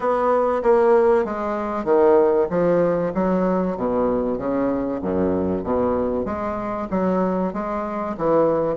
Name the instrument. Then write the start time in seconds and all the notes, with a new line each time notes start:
bassoon
0.00 B3
0.62 A#3
1.24 G#3
1.84 D#3
2.50 F3
3.14 F#3
3.76 B2
4.38 C#3
5.01 F#2
5.63 B2
6.25 G#3
6.90 F#3
7.53 G#3
8.17 E3